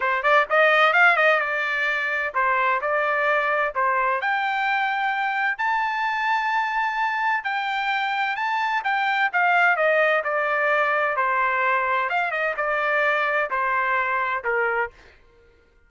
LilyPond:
\new Staff \with { instrumentName = "trumpet" } { \time 4/4 \tempo 4 = 129 c''8 d''8 dis''4 f''8 dis''8 d''4~ | d''4 c''4 d''2 | c''4 g''2. | a''1 |
g''2 a''4 g''4 | f''4 dis''4 d''2 | c''2 f''8 dis''8 d''4~ | d''4 c''2 ais'4 | }